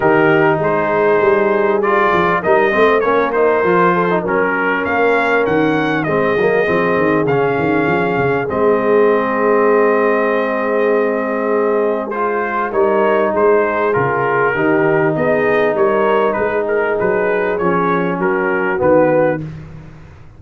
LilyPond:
<<
  \new Staff \with { instrumentName = "trumpet" } { \time 4/4 \tempo 4 = 99 ais'4 c''2 d''4 | dis''4 cis''8 c''4. ais'4 | f''4 fis''4 dis''2 | f''2 dis''2~ |
dis''1 | c''4 cis''4 c''4 ais'4~ | ais'4 dis''4 cis''4 b'8 ais'8 | b'4 cis''4 ais'4 b'4 | }
  \new Staff \with { instrumentName = "horn" } { \time 4/4 g'4 gis'2. | ais'8 c''8 ais'4. a'8 ais'4~ | ais'2 gis'2~ | gis'1~ |
gis'1~ | gis'4 ais'4 gis'2 | g'4 gis'4 ais'4 gis'4~ | gis'2 fis'2 | }
  \new Staff \with { instrumentName = "trombone" } { \time 4/4 dis'2. f'4 | dis'8 c'8 cis'8 dis'8 f'8. dis'16 cis'4~ | cis'2 c'8 ais8 c'4 | cis'2 c'2~ |
c'1 | f'4 dis'2 f'4 | dis'1~ | dis'4 cis'2 b4 | }
  \new Staff \with { instrumentName = "tuba" } { \time 4/4 dis4 gis4 g4. f8 | g8 a8 ais4 f4 fis4 | ais4 dis4 gis8 fis8 f8 dis8 | cis8 dis8 f8 cis8 gis2~ |
gis1~ | gis4 g4 gis4 cis4 | dis4 b4 g4 gis4 | fis4 f4 fis4 dis4 | }
>>